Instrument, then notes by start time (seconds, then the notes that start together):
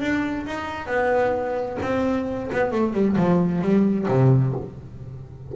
double bass
0.00 D4
0.46 D#4
0.86 B3
1.82 C4
2.52 B3
2.71 A3
2.93 G3
3.16 F3
3.61 G3
4.08 C3